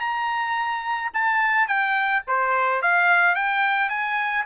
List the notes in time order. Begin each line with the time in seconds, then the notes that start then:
0.00 A#5
1.14 A5
1.67 G5
2.27 C5
2.82 F5
3.35 G5
3.89 G#5